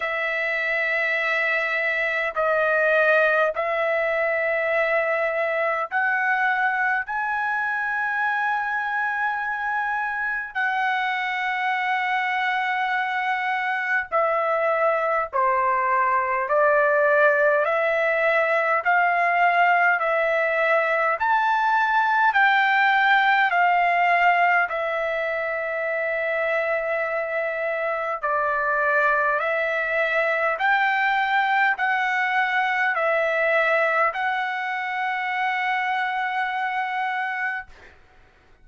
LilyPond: \new Staff \with { instrumentName = "trumpet" } { \time 4/4 \tempo 4 = 51 e''2 dis''4 e''4~ | e''4 fis''4 gis''2~ | gis''4 fis''2. | e''4 c''4 d''4 e''4 |
f''4 e''4 a''4 g''4 | f''4 e''2. | d''4 e''4 g''4 fis''4 | e''4 fis''2. | }